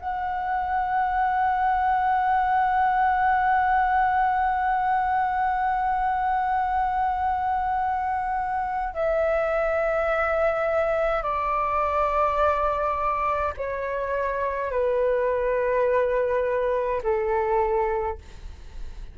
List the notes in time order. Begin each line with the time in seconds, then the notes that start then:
0.00 F#5
8.94 E5
11.23 D5
13.57 C#5
14.71 B4
17.03 A4